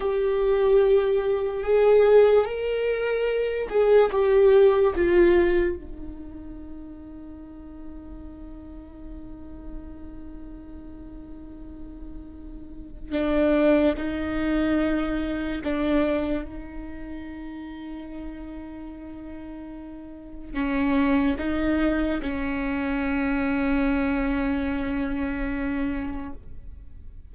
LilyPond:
\new Staff \with { instrumentName = "viola" } { \time 4/4 \tempo 4 = 73 g'2 gis'4 ais'4~ | ais'8 gis'8 g'4 f'4 dis'4~ | dis'1~ | dis'1 |
d'4 dis'2 d'4 | dis'1~ | dis'4 cis'4 dis'4 cis'4~ | cis'1 | }